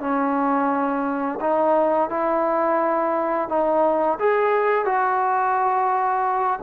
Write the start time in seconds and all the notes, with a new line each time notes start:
0.00 C#4
1.40 D#4
2.10 E4
3.49 D#4
4.20 G#4
4.86 F#4